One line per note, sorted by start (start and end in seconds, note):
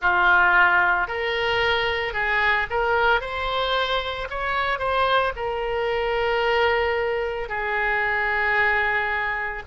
0.01 1.07 F4
1.07 2.13 A#4
2.13 2.66 G#4
2.69 3.20 A#4
3.20 4.28 C5
4.30 4.79 C#5
4.79 5.32 C5
5.36 7.48 A#4
7.48 9.62 G#4